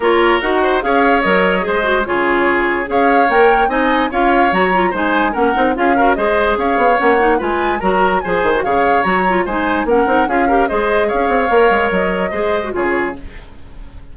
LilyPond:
<<
  \new Staff \with { instrumentName = "flute" } { \time 4/4 \tempo 4 = 146 cis''4 fis''4 f''4 dis''4~ | dis''4 cis''2 f''4 | g''4 gis''4 f''4 ais''4 | gis''4 fis''4 f''4 dis''4 |
f''4 fis''4 gis''4 ais''4 | gis''4 f''4 ais''4 gis''4 | fis''4 f''4 dis''4 f''4~ | f''4 dis''2 cis''4 | }
  \new Staff \with { instrumentName = "oboe" } { \time 4/4 ais'4. c''8 cis''2 | c''4 gis'2 cis''4~ | cis''4 dis''4 cis''2 | c''4 ais'4 gis'8 ais'8 c''4 |
cis''2 b'4 ais'4 | c''4 cis''2 c''4 | ais'4 gis'8 ais'8 c''4 cis''4~ | cis''2 c''4 gis'4 | }
  \new Staff \with { instrumentName = "clarinet" } { \time 4/4 f'4 fis'4 gis'4 ais'4 | gis'8 fis'8 f'2 gis'4 | ais'4 dis'4 f'4 fis'8 f'8 | dis'4 cis'8 dis'8 f'8 fis'8 gis'4~ |
gis'4 cis'8 dis'8 f'4 fis'4 | gis'8. fis'16 gis'4 fis'8 f'8 dis'4 | cis'8 dis'8 f'8 g'8 gis'2 | ais'2 gis'8. fis'16 f'4 | }
  \new Staff \with { instrumentName = "bassoon" } { \time 4/4 ais4 dis'4 cis'4 fis4 | gis4 cis2 cis'4 | ais4 c'4 cis'4 fis4 | gis4 ais8 c'8 cis'4 gis4 |
cis'8 b8 ais4 gis4 fis4 | f8 dis8 cis4 fis4 gis4 | ais8 c'8 cis'4 gis4 cis'8 c'8 | ais8 gis8 fis4 gis4 cis4 | }
>>